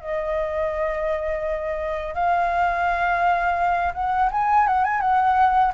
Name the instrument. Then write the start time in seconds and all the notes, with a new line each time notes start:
flute
0.00 D#5
2.14 F5
3.94 F#5
4.31 G#5
4.67 F#5
4.84 G#5
5.01 F#5